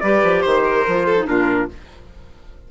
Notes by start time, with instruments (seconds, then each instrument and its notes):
0.00 bassoon G3, clarinet G4, violin B4, trumpet D5
0.23 bassoon F3
0.42 bassoon D#3, violin C5, trumpet C5
0.64 violin A#4
0.87 bassoon F3, clarinet F4
1.05 violin A4
1.17 clarinet D#4
1.26 bassoon A#2, clarinet D4, violin F4, trumpet A#4